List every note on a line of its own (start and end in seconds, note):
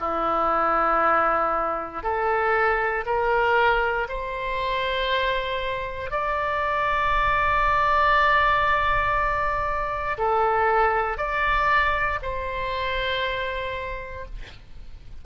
0.00 2.03 E4
2.03 3.05 A4
3.06 4.07 A#4
4.09 6.11 C5
6.11 10.17 D5
10.18 11.17 A4
11.17 12.19 D5
12.22 14.26 C5